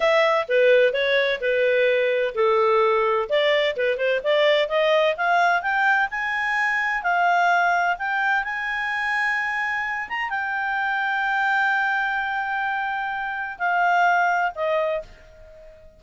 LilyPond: \new Staff \with { instrumentName = "clarinet" } { \time 4/4 \tempo 4 = 128 e''4 b'4 cis''4 b'4~ | b'4 a'2 d''4 | b'8 c''8 d''4 dis''4 f''4 | g''4 gis''2 f''4~ |
f''4 g''4 gis''2~ | gis''4. ais''8 g''2~ | g''1~ | g''4 f''2 dis''4 | }